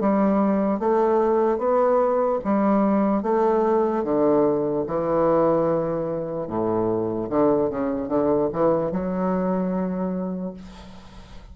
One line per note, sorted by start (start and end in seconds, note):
0.00 0.80 G3
0.80 1.58 A3
1.58 2.39 B3
2.44 3.22 G3
3.22 4.04 A3
4.04 4.85 D3
4.87 6.47 E3
6.47 7.28 A2
7.30 7.70 D3
7.70 8.09 C#3
8.09 8.49 D3
8.53 8.92 E3
8.92 10.54 F#3